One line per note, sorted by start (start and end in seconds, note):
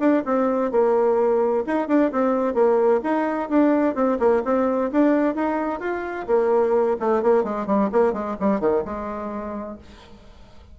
0.00 0.23 D4
0.26 0.72 C4
0.72 1.65 A#3
1.67 1.88 D#4
1.88 2.11 D4
2.12 2.54 C4
2.54 3.01 A#3
3.04 3.50 D#4
3.50 3.95 D4
3.95 4.19 C4
4.20 4.43 A#3
4.45 4.91 C4
4.92 5.35 D4
5.35 5.80 D#4
5.80 6.27 F4
6.27 6.97 A#3
7.00 7.23 A3
7.23 7.44 A#3
7.44 7.67 G#3
7.67 7.90 G3
7.93 8.13 A#3
8.13 8.36 G#3
8.40 8.60 G3
8.60 8.84 D#3
8.85 9.78 G#3